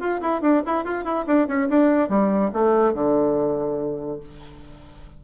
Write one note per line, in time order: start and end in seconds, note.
0.00 0.21 F4
0.21 0.42 E4
0.42 0.63 D4
0.66 0.85 E4
0.85 1.05 F4
1.05 1.25 E4
1.27 1.48 D4
1.48 1.69 C#4
1.69 2.09 D4
2.09 2.51 G3
2.53 2.94 A3
2.94 4.20 D3